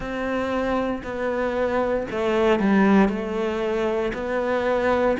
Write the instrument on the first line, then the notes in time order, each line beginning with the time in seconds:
cello
0.00 C4
1.03 B3
2.11 A3
2.59 G3
3.08 A3
4.13 B3